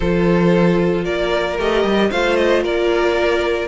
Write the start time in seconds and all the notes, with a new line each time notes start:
0.00 F3 F4 A4 C5
1.04 A#3 A#4 D5
1.58 A3 G4 D#5
1.83 G3
2.11 A3 F4 C5 F5
2.36 D#5
2.63 A#3 A#4 D5